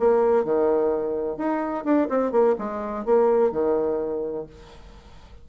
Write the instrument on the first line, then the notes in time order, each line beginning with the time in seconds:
bassoon
0.00 A#3
0.45 D#3
1.38 D#4
1.85 D4
2.09 C4
2.32 A#3
2.59 G#3
3.06 A#3
3.52 D#3